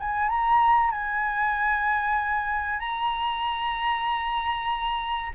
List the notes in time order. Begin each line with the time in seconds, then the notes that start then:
0.00 G#5
0.30 A#5
0.92 G#5
2.80 A#5